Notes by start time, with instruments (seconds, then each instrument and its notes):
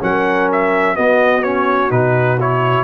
0.00 tuba F#3, trombone C#4, horn A#4, trumpet F#5
0.52 trumpet E5
0.94 trombone B3, tuba B3, horn F#4, trumpet D#5
1.43 trombone C#4, trumpet C#5
1.90 tuba B2, trombone D#4, trumpet B4
2.39 trombone E4, trumpet C#5